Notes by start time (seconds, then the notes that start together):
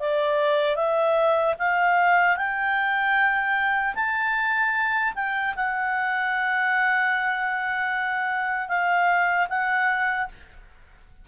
0.00 D5
0.76 E5
1.59 F5
2.37 G5
3.95 A5
5.15 G5
5.56 F#5
8.68 F5
9.49 F#5